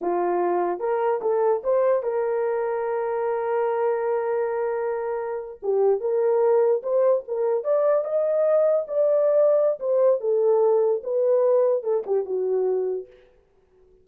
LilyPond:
\new Staff \with { instrumentName = "horn" } { \time 4/4 \tempo 4 = 147 f'2 ais'4 a'4 | c''4 ais'2.~ | ais'1~ | ais'4.~ ais'16 g'4 ais'4~ ais'16~ |
ais'8. c''4 ais'4 d''4 dis''16~ | dis''4.~ dis''16 d''2~ d''16 | c''4 a'2 b'4~ | b'4 a'8 g'8 fis'2 | }